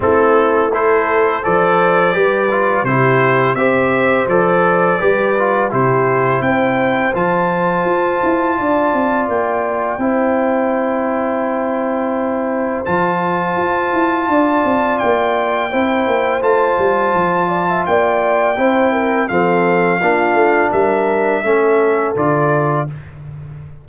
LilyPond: <<
  \new Staff \with { instrumentName = "trumpet" } { \time 4/4 \tempo 4 = 84 a'4 c''4 d''2 | c''4 e''4 d''2 | c''4 g''4 a''2~ | a''4 g''2.~ |
g''2 a''2~ | a''4 g''2 a''4~ | a''4 g''2 f''4~ | f''4 e''2 d''4 | }
  \new Staff \with { instrumentName = "horn" } { \time 4/4 e'4 a'4 c''4 b'4 | g'4 c''2 b'4 | g'4 c''2. | d''2 c''2~ |
c''1 | d''2 c''2~ | c''8 d''16 e''16 d''4 c''8 ais'8 a'4 | f'4 ais'4 a'2 | }
  \new Staff \with { instrumentName = "trombone" } { \time 4/4 c'4 e'4 a'4 g'8 f'8 | e'4 g'4 a'4 g'8 f'8 | e'2 f'2~ | f'2 e'2~ |
e'2 f'2~ | f'2 e'4 f'4~ | f'2 e'4 c'4 | d'2 cis'4 f'4 | }
  \new Staff \with { instrumentName = "tuba" } { \time 4/4 a2 f4 g4 | c4 c'4 f4 g4 | c4 c'4 f4 f'8 e'8 | d'8 c'8 ais4 c'2~ |
c'2 f4 f'8 e'8 | d'8 c'8 ais4 c'8 ais8 a8 g8 | f4 ais4 c'4 f4 | ais8 a8 g4 a4 d4 | }
>>